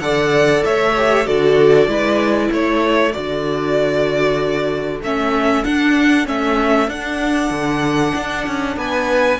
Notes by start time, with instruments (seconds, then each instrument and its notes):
0.00 cello D3, viola A4, violin D5 F#5
0.64 cello A3, violin C#5 E5
0.97 viola G4
1.26 cello D3, viola F#4, violin A4 D5
1.87 cello G#3, viola E4, violin B4
2.52 cello A3, violin A4 C#5
3.12 cello D3, viola F#4, violin D5
5.02 cello A3, viola C#4, violin E5
5.64 viola D4, cello D4, violin F#5
6.25 cello A3, viola C#4, violin E5
6.88 cello D4, viola D4, violin F#5
7.50 cello D3
8.15 cello D4
8.47 cello C#4
8.76 cello B3, violin B4 G#5